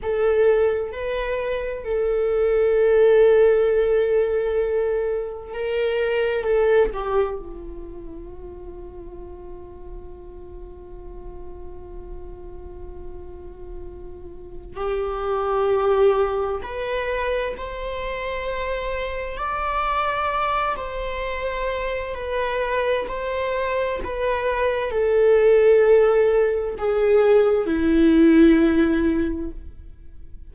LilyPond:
\new Staff \with { instrumentName = "viola" } { \time 4/4 \tempo 4 = 65 a'4 b'4 a'2~ | a'2 ais'4 a'8 g'8 | f'1~ | f'1 |
g'2 b'4 c''4~ | c''4 d''4. c''4. | b'4 c''4 b'4 a'4~ | a'4 gis'4 e'2 | }